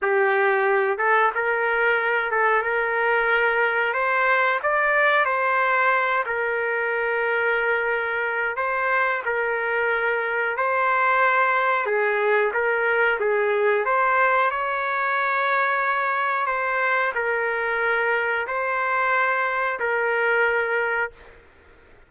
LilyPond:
\new Staff \with { instrumentName = "trumpet" } { \time 4/4 \tempo 4 = 91 g'4. a'8 ais'4. a'8 | ais'2 c''4 d''4 | c''4. ais'2~ ais'8~ | ais'4 c''4 ais'2 |
c''2 gis'4 ais'4 | gis'4 c''4 cis''2~ | cis''4 c''4 ais'2 | c''2 ais'2 | }